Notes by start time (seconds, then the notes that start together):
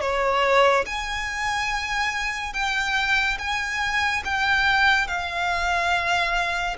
0.00 C#5
0.85 G#5
2.53 G5
3.38 G#5
4.24 G5
5.07 F5